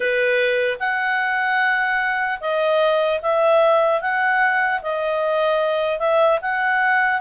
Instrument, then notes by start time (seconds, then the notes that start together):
clarinet
0.00 B4
0.79 F#5
2.40 D#5
3.22 E5
4.01 F#5
4.82 D#5
5.99 E5
6.41 F#5